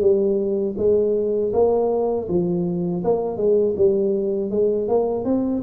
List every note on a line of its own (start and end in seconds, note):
0.00 0.75 G3
0.77 1.52 G#3
1.53 2.28 A#3
2.28 3.03 F3
3.04 3.37 A#3
3.37 3.74 G#3
3.76 4.50 G3
4.50 4.88 G#3
4.88 5.24 A#3
5.24 5.62 C4